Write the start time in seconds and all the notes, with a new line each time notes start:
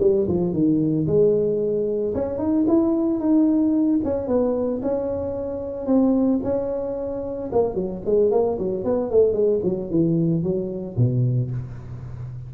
0.00 G3
0.28 F3
0.53 D#3
1.07 G#3
2.15 C#4
2.38 D#4
2.68 E4
3.20 D#4
4.04 C#4
4.27 B3
4.82 C#4
5.86 C4
6.43 C#4
7.52 A#3
7.75 F#3
8.05 G#3
8.31 A#3
8.58 F#3
8.84 B3
9.10 A3
9.33 G#3
9.63 F#3
9.90 E3
10.43 F#3
10.97 B2